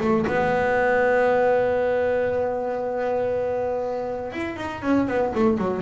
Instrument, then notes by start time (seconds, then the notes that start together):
double bass
0.00 A3
0.27 B3
4.32 E4
4.56 D#4
4.82 C#4
5.07 B3
5.34 A3
5.58 F#3